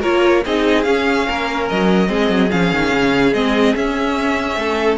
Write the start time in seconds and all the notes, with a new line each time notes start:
0.00 A#3 F4 A#4 C#5
0.45 C4 D#4 G#4 D#5
0.83 C#4 F5
1.28 A#3 A#4
1.69 F#3 D#5
2.07 G#3 C4 G#4
2.30 F#3
2.50 F3 C#4 F5
2.72 D#3
2.93 C#3
3.33 G#3 C4 D#5
3.75 C#4 E5
4.55 A3 A4